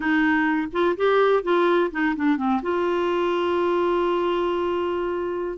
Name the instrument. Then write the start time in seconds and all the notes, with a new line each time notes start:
clarinet
0.00 D#4
0.72 F4
0.96 G4
1.43 F4
1.91 D#4
2.16 D4
2.37 C4
2.62 F4